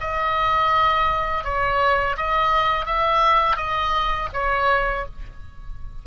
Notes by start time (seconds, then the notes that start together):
0.00 D#5
1.44 C#5
2.17 D#5
2.85 E5
3.56 D#5
4.33 C#5